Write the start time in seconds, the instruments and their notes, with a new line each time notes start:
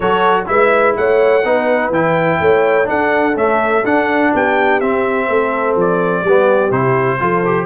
0.00 tuba F#3, trombone F#4, horn A4, trumpet C#5
0.46 tuba G#3, trombone E4, horn B4, trumpet E5
0.96 tuba A3, horn C#5, trumpet F#5
1.43 tuba B3, trombone D#4, horn B4
1.90 tuba E3, trombone E4, trumpet G5
2.40 tuba A3, horn C#5
2.84 trombone D4, tuba D4, horn A4, trumpet F#5
3.35 trombone A3, tuba C#4, trumpet E5
3.84 tuba D4, trombone D4, trumpet F#5
4.33 tuba B3, horn G4, trumpet G5
4.80 tuba C4, trombone C4, trumpet E5
5.27 tuba A3, horn A4
5.75 tuba F3, trumpet D5
6.21 tuba G3, horn G4
6.28 trombone B3
6.71 tuba C3, trombone E4, trumpet C5
7.19 tuba F3, trombone F4, horn A4
7.45 trombone G4